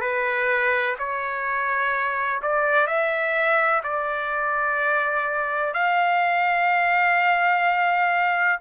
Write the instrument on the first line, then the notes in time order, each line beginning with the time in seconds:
trumpet
0.00 B4
0.98 C#5
2.42 D5
2.87 E5
3.83 D5
5.73 F5